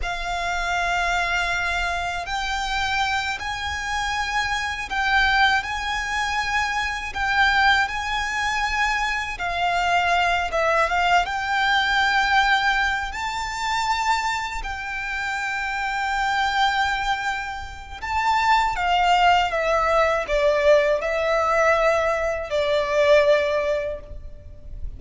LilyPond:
\new Staff \with { instrumentName = "violin" } { \time 4/4 \tempo 4 = 80 f''2. g''4~ | g''8 gis''2 g''4 gis''8~ | gis''4. g''4 gis''4.~ | gis''8 f''4. e''8 f''8 g''4~ |
g''4. a''2 g''8~ | g''1 | a''4 f''4 e''4 d''4 | e''2 d''2 | }